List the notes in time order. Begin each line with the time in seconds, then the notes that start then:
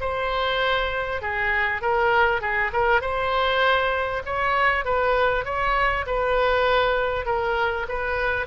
0.00 C5
1.21 G#4
1.81 A#4
2.40 G#4
2.72 A#4
3.01 C5
4.25 C#5
4.84 B4
5.45 C#5
6.06 B4
7.25 A#4
7.88 B4